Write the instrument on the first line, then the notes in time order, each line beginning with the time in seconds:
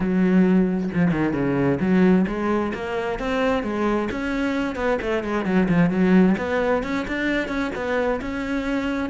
cello
0.00 F#3
0.93 F3
1.11 D#3
1.33 C#3
1.80 F#3
2.27 G#3
2.74 A#3
3.19 C4
3.63 G#3
4.11 C#4
4.75 B3
5.01 A3
5.23 G#3
5.45 F#3
5.69 F3
5.90 F#3
6.37 B3
6.83 C#4
7.07 D4
7.48 C#4
7.75 B3
8.21 C#4